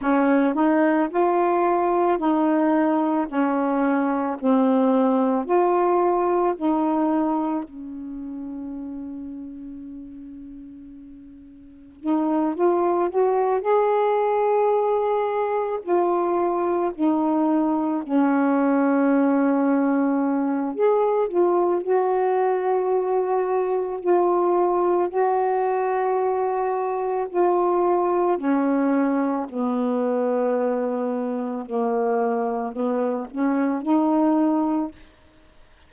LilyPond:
\new Staff \with { instrumentName = "saxophone" } { \time 4/4 \tempo 4 = 55 cis'8 dis'8 f'4 dis'4 cis'4 | c'4 f'4 dis'4 cis'4~ | cis'2. dis'8 f'8 | fis'8 gis'2 f'4 dis'8~ |
dis'8 cis'2~ cis'8 gis'8 f'8 | fis'2 f'4 fis'4~ | fis'4 f'4 cis'4 b4~ | b4 ais4 b8 cis'8 dis'4 | }